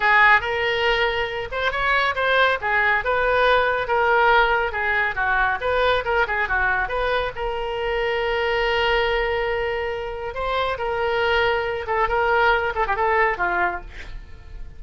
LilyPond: \new Staff \with { instrumentName = "oboe" } { \time 4/4 \tempo 4 = 139 gis'4 ais'2~ ais'8 c''8 | cis''4 c''4 gis'4 b'4~ | b'4 ais'2 gis'4 | fis'4 b'4 ais'8 gis'8 fis'4 |
b'4 ais'2.~ | ais'1 | c''4 ais'2~ ais'8 a'8 | ais'4. a'16 g'16 a'4 f'4 | }